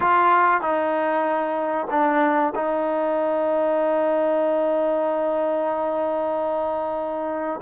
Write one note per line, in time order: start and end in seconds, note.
0.00 0.61 F4
0.61 1.87 D#4
1.90 2.53 D4
2.55 7.60 D#4